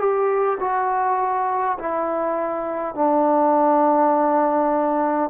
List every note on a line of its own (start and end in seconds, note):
0.00 0.59 G4
0.60 1.78 F#4
1.79 2.95 E4
2.95 5.30 D4